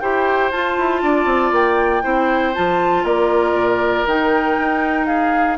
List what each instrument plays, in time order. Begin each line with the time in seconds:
0.00 bassoon E4, clarinet G4, oboe C5, flute G5
0.51 bassoon F4, clarinet F4, flute A5
0.77 bassoon E4
1.02 bassoon D4, oboe D5
1.25 bassoon C4
1.51 bassoon A#3, flute G5
2.03 bassoon C4, clarinet E4, oboe C5
2.54 bassoon F3, clarinet F4, flute A5
3.03 bassoon A#3, oboe A#4, flute D5
3.53 bassoon A#2
4.06 bassoon D#3, clarinet D#4, flute G5
4.59 bassoon D#4
5.06 oboe G#4, flute F5